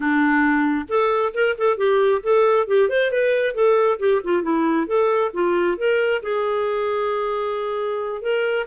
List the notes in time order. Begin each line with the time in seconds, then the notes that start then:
0.00 D4
0.88 A4
1.34 A#4
1.58 A4
1.77 G4
2.22 A4
2.67 G4
2.89 C5
3.11 B4
3.54 A4
3.99 G4
4.23 F4
4.42 E4
4.86 A4
5.33 F4
5.77 A#4
6.22 G#4
8.21 A#4